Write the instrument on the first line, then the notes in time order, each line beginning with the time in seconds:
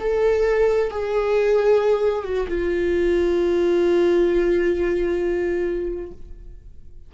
viola
0.00 A4
0.91 G#4
2.24 F#4
2.49 F4